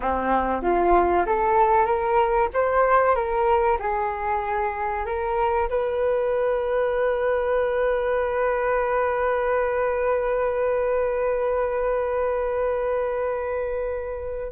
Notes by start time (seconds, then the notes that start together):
0.00 C4
0.62 F4
1.26 A4
1.85 A#4
2.53 C5
3.15 A#4
3.79 G#4
5.05 A#4
5.69 B4